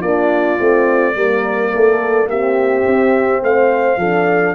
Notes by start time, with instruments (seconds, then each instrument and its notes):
0.00 tuba A#3, horn D4 F4, trumpet D5
0.58 tuba A3, horn C4
1.16 tuba G3, horn A#3 A#4
1.74 tuba A3, horn A4
2.27 tuba A#3, horn C4 G4, trumpet E5
2.87 tuba C4
3.42 tuba A3, horn C5, trumpet F5
3.97 tuba F3, horn D4 A4